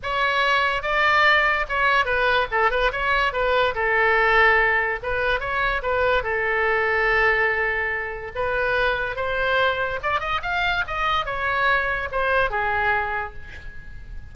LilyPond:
\new Staff \with { instrumentName = "oboe" } { \time 4/4 \tempo 4 = 144 cis''2 d''2 | cis''4 b'4 a'8 b'8 cis''4 | b'4 a'2. | b'4 cis''4 b'4 a'4~ |
a'1 | b'2 c''2 | d''8 dis''8 f''4 dis''4 cis''4~ | cis''4 c''4 gis'2 | }